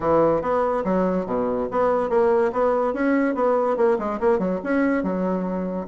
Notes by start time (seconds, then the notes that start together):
0.00 E3
0.41 B3
0.84 F#3
1.26 B2
1.71 B3
2.09 A#3
2.52 B3
2.93 C#4
3.35 B3
3.76 A#3
3.98 G#3
4.20 A#3
4.38 F#3
4.63 C#4
5.03 F#3